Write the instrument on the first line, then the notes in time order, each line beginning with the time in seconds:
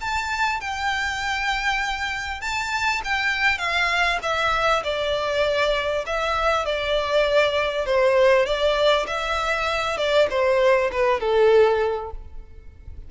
violin
0.00 A5
0.60 G5
2.41 A5
3.04 G5
3.58 F5
4.22 E5
4.83 D5
6.06 E5
6.65 D5
7.86 C5
8.45 D5
9.07 E5
9.97 D5
10.30 C5
10.92 B4
11.20 A4